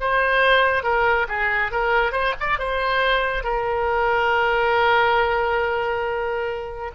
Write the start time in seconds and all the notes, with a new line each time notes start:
0.00 C5
0.83 A#4
1.28 G#4
1.71 A#4
2.12 C5
2.40 D5
2.58 C5
3.43 A#4